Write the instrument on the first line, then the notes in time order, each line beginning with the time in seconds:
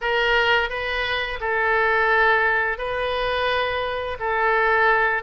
oboe
0.01 A#4
0.69 B4
1.40 A4
2.78 B4
4.19 A4